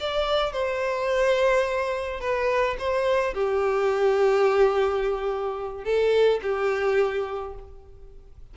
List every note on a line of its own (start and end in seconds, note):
0.00 0.53 D5
0.53 2.20 C5
2.20 2.77 B4
2.79 3.34 C5
3.34 5.84 G4
5.84 6.41 A4
6.43 7.55 G4